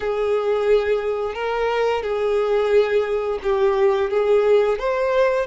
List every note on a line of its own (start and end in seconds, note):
0.00 1.34 G#4
1.34 2.02 A#4
2.02 3.39 G#4
3.42 4.10 G4
4.10 4.78 G#4
4.79 5.46 C5